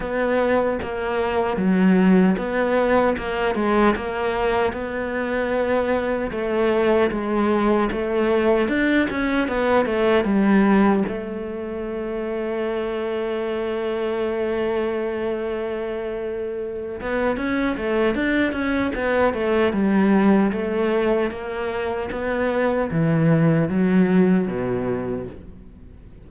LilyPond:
\new Staff \with { instrumentName = "cello" } { \time 4/4 \tempo 4 = 76 b4 ais4 fis4 b4 | ais8 gis8 ais4 b2 | a4 gis4 a4 d'8 cis'8 | b8 a8 g4 a2~ |
a1~ | a4. b8 cis'8 a8 d'8 cis'8 | b8 a8 g4 a4 ais4 | b4 e4 fis4 b,4 | }